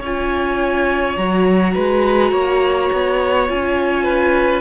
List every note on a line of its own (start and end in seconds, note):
0.00 1.17 C#4
0.00 1.19 F4
0.00 1.73 C#5
0.00 1.17 G#5
1.17 1.75 F#3
1.17 3.48 F#4
1.17 3.48 A#5
1.74 2.32 G#3
1.74 2.32 B4
2.32 2.90 A#3
2.32 4.04 C#5
2.93 3.50 B3
3.48 4.62 C#4
3.48 4.62 F4
3.48 4.62 G#5
4.04 4.62 B4